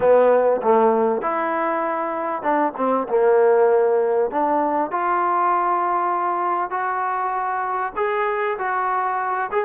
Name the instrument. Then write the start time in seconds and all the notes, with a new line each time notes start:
trombone
0.00 B3
0.62 A3
1.21 E4
2.42 D4
2.76 C4
3.08 A#3
4.31 D4
4.91 F4
6.70 F#4
7.96 G#4
8.58 F#4
9.51 G#4